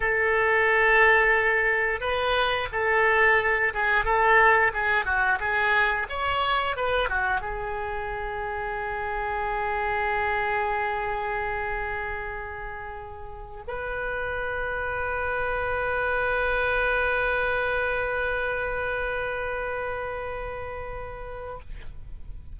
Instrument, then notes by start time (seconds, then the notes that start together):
oboe
0.00 A4
2.00 B4
2.72 A4
3.73 G#4
4.04 A4
4.73 G#4
5.05 F#4
5.39 G#4
6.09 C#5
6.76 B4
7.09 F#4
7.41 G#4
13.67 B4